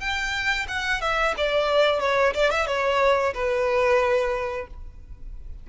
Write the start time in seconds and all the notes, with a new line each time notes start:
0.00 G5
0.68 F#5
1.01 E5
1.37 D5
2.00 C#5
2.34 D5
2.51 E5
2.67 C#5
3.34 B4